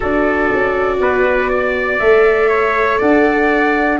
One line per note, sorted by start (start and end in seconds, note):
0.00 0.52 D4
0.00 2.00 F#4
0.00 0.98 A4
0.00 1.99 D5
0.53 0.99 C#4
0.99 1.99 B3
0.99 1.49 B4
1.49 2.48 D5
1.99 3.00 A3
1.99 4.00 A4
1.99 2.99 E5
2.48 2.98 C#5
2.98 4.00 D4
2.98 3.98 D5
2.98 4.00 F#5